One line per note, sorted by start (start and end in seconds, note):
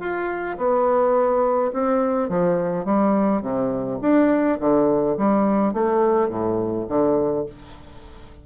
0.00 0.57 F4
0.58 1.72 B3
1.73 2.29 C4
2.29 2.85 F3
2.85 3.42 G3
3.42 3.99 C3
4.02 4.59 D4
4.60 5.17 D3
5.18 5.74 G3
5.74 6.29 A3
6.29 6.86 A2
6.89 7.46 D3